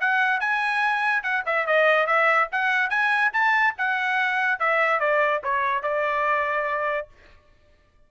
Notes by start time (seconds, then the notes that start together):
0.00 F#5
0.40 G#5
1.23 F#5
1.46 E5
1.67 D#5
2.06 E5
2.52 F#5
2.90 G#5
3.33 A5
3.78 F#5
4.60 E5
5.00 D5
5.43 C#5
5.83 D5